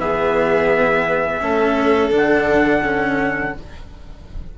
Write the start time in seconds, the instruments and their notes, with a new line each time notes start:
0.00 bassoon E3, cello B3, violin G#4, trumpet E5
1.41 bassoon A3, cello C#4, violin A4
2.12 bassoon D3, cello D4, trumpet F#5
2.83 cello C#4